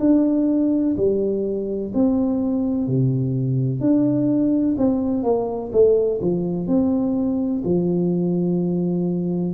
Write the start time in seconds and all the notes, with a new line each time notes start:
0.00 D4
0.97 G3
1.94 C4
2.87 C3
3.81 D4
4.78 C4
5.24 A#3
5.73 A3
6.22 F3
6.68 C4
7.65 F3